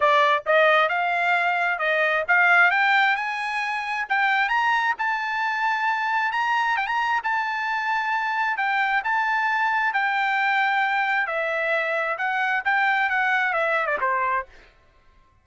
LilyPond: \new Staff \with { instrumentName = "trumpet" } { \time 4/4 \tempo 4 = 133 d''4 dis''4 f''2 | dis''4 f''4 g''4 gis''4~ | gis''4 g''4 ais''4 a''4~ | a''2 ais''4 g''16 ais''8. |
a''2. g''4 | a''2 g''2~ | g''4 e''2 fis''4 | g''4 fis''4 e''8. d''16 c''4 | }